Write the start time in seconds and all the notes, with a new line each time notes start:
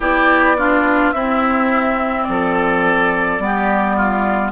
0.00 B3 E4 G4 D5
0.57 D4 F4
1.11 C4 E4 E5
2.23 F3 D5
2.29 A4
3.39 G3 B3 G4
3.96 F4